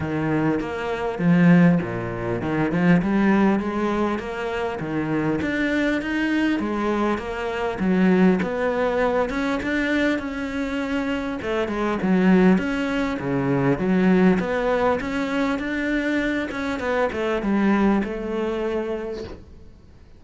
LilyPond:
\new Staff \with { instrumentName = "cello" } { \time 4/4 \tempo 4 = 100 dis4 ais4 f4 ais,4 | dis8 f8 g4 gis4 ais4 | dis4 d'4 dis'4 gis4 | ais4 fis4 b4. cis'8 |
d'4 cis'2 a8 gis8 | fis4 cis'4 cis4 fis4 | b4 cis'4 d'4. cis'8 | b8 a8 g4 a2 | }